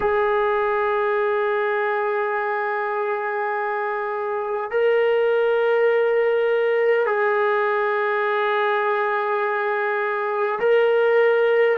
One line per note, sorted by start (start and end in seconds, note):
0.00 4.71 G#4
4.71 7.06 A#4
7.06 10.59 G#4
10.59 11.77 A#4